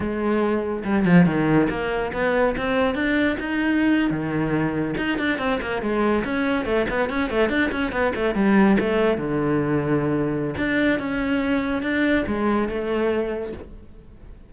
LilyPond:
\new Staff \with { instrumentName = "cello" } { \time 4/4 \tempo 4 = 142 gis2 g8 f8 dis4 | ais4 b4 c'4 d'4 | dis'4.~ dis'16 dis2 dis'16~ | dis'16 d'8 c'8 ais8 gis4 cis'4 a16~ |
a16 b8 cis'8 a8 d'8 cis'8 b8 a8 g16~ | g8. a4 d2~ d16~ | d4 d'4 cis'2 | d'4 gis4 a2 | }